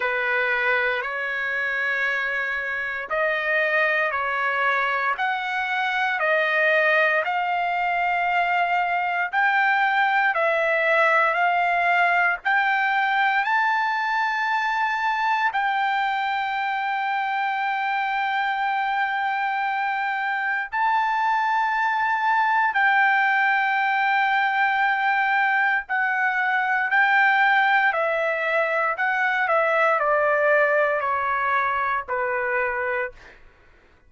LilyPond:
\new Staff \with { instrumentName = "trumpet" } { \time 4/4 \tempo 4 = 58 b'4 cis''2 dis''4 | cis''4 fis''4 dis''4 f''4~ | f''4 g''4 e''4 f''4 | g''4 a''2 g''4~ |
g''1 | a''2 g''2~ | g''4 fis''4 g''4 e''4 | fis''8 e''8 d''4 cis''4 b'4 | }